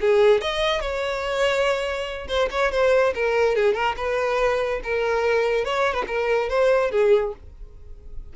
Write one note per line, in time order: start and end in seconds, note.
0.00 0.41 G#4
0.41 0.80 D#5
0.80 2.27 C#5
2.28 2.49 C5
2.50 2.71 C#5
2.71 3.13 C5
3.15 3.55 A#4
3.55 3.74 G#4
3.74 3.95 A#4
3.96 4.80 B4
4.83 5.65 A#4
5.65 5.94 C#5
5.94 6.04 B4
6.07 6.49 A#4
6.49 6.91 C5
6.91 7.33 G#4